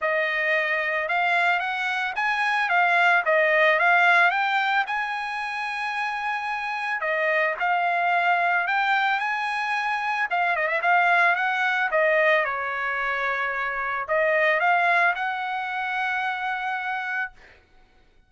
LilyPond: \new Staff \with { instrumentName = "trumpet" } { \time 4/4 \tempo 4 = 111 dis''2 f''4 fis''4 | gis''4 f''4 dis''4 f''4 | g''4 gis''2.~ | gis''4 dis''4 f''2 |
g''4 gis''2 f''8 dis''16 e''16 | f''4 fis''4 dis''4 cis''4~ | cis''2 dis''4 f''4 | fis''1 | }